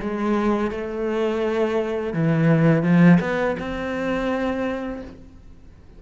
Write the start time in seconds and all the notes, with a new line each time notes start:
0.00 G#3
0.71 A3
2.13 E3
2.82 F3
3.20 B3
3.58 C4